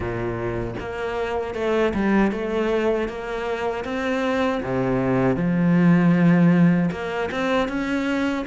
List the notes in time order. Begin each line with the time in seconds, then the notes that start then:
0.00 A#2
0.79 A#3
1.54 A3
1.94 G3
2.31 A3
3.08 A#3
3.84 C4
4.63 C3
5.36 F3
6.91 A#3
7.31 C4
7.68 C#4